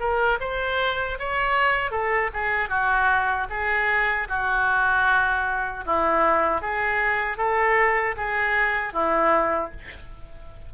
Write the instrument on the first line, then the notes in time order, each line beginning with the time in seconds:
oboe
0.00 A#4
0.41 C5
1.20 C#5
1.92 A4
2.34 G#4
2.70 F#4
3.50 G#4
4.29 F#4
5.86 E4
6.62 G#4
7.38 A4
8.17 G#4
8.94 E4